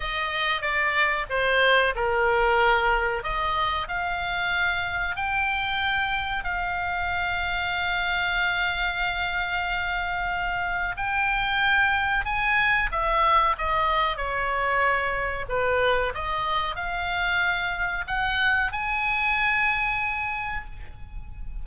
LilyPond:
\new Staff \with { instrumentName = "oboe" } { \time 4/4 \tempo 4 = 93 dis''4 d''4 c''4 ais'4~ | ais'4 dis''4 f''2 | g''2 f''2~ | f''1~ |
f''4 g''2 gis''4 | e''4 dis''4 cis''2 | b'4 dis''4 f''2 | fis''4 gis''2. | }